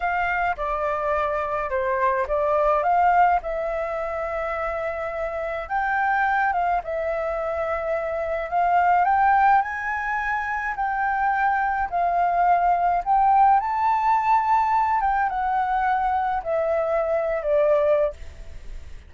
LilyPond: \new Staff \with { instrumentName = "flute" } { \time 4/4 \tempo 4 = 106 f''4 d''2 c''4 | d''4 f''4 e''2~ | e''2 g''4. f''8 | e''2. f''4 |
g''4 gis''2 g''4~ | g''4 f''2 g''4 | a''2~ a''8 g''8 fis''4~ | fis''4 e''4.~ e''16 d''4~ d''16 | }